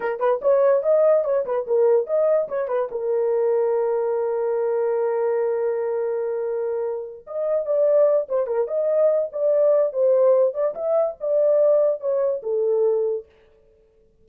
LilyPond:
\new Staff \with { instrumentName = "horn" } { \time 4/4 \tempo 4 = 145 ais'8 b'8 cis''4 dis''4 cis''8 b'8 | ais'4 dis''4 cis''8 b'8 ais'4~ | ais'1~ | ais'1~ |
ais'4. dis''4 d''4. | c''8 ais'8 dis''4. d''4. | c''4. d''8 e''4 d''4~ | d''4 cis''4 a'2 | }